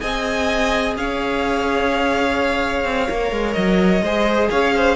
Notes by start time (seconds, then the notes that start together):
0.00 C4 G#4 D#5 G#5
0.97 C#4 C#5 F5
2.85 C4
3.10 A#3 A#4
3.32 G#3
3.54 F#3 D#5
4.02 G#3 G#4 C5
4.51 C#4 C#5 F5
4.76 C5